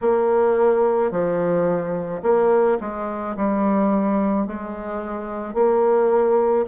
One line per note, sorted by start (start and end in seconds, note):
0.01 1.11 A#3
1.11 2.22 F3
2.22 2.78 A#3
2.80 3.35 G#3
3.36 4.46 G3
4.46 5.54 G#3
5.54 6.65 A#3